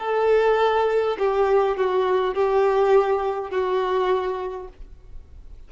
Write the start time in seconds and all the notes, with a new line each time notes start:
0.00 A4
1.19 G4
1.78 F#4
2.35 G4
3.51 F#4